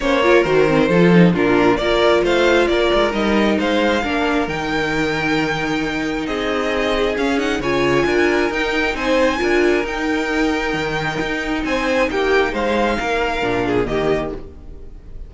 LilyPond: <<
  \new Staff \with { instrumentName = "violin" } { \time 4/4 \tempo 4 = 134 cis''4 c''2 ais'4 | d''4 f''4 d''4 dis''4 | f''2 g''2~ | g''2 dis''2 |
f''8 fis''8 gis''2 g''4 | gis''2 g''2~ | g''2 gis''4 g''4 | f''2. dis''4 | }
  \new Staff \with { instrumentName = "violin" } { \time 4/4 c''8 ais'4. a'4 f'4 | ais'4 c''4 ais'2 | c''4 ais'2.~ | ais'2 gis'2~ |
gis'4 cis''4 ais'2 | c''4 ais'2.~ | ais'2 c''4 g'4 | c''4 ais'4. gis'8 g'4 | }
  \new Staff \with { instrumentName = "viola" } { \time 4/4 cis'8 f'8 fis'8 c'8 f'8 dis'8 d'4 | f'2. dis'4~ | dis'4 d'4 dis'2~ | dis'1 |
cis'8 dis'8 f'2 dis'4~ | dis'4 f'4 dis'2~ | dis'1~ | dis'2 d'4 ais4 | }
  \new Staff \with { instrumentName = "cello" } { \time 4/4 ais4 dis4 f4 ais,4 | ais4 a4 ais8 gis8 g4 | gis4 ais4 dis2~ | dis2 c'2 |
cis'4 cis4 d'4 dis'4 | c'4 d'4 dis'2 | dis4 dis'4 c'4 ais4 | gis4 ais4 ais,4 dis4 | }
>>